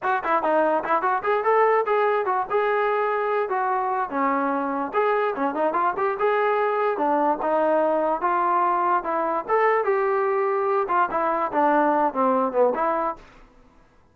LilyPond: \new Staff \with { instrumentName = "trombone" } { \time 4/4 \tempo 4 = 146 fis'8 e'8 dis'4 e'8 fis'8 gis'8 a'8~ | a'8 gis'4 fis'8 gis'2~ | gis'8 fis'4. cis'2 | gis'4 cis'8 dis'8 f'8 g'8 gis'4~ |
gis'4 d'4 dis'2 | f'2 e'4 a'4 | g'2~ g'8 f'8 e'4 | d'4. c'4 b8 e'4 | }